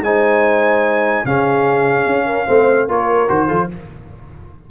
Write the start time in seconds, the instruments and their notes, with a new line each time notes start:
0.00 tuba G#3, trombone D#4, horn C5, trumpet G#5
1.25 tuba C#3, trombone C#4, horn G#4, trumpet F5
2.06 tuba C#4
2.26 horn A#4
2.46 tuba A3, trombone C4, horn C5
2.88 tuba A#3, trombone F4, horn A#4, trumpet C#5
3.28 tuba D#3, trombone F#4, trumpet C5
3.47 tuba F3, trombone F4, horn A4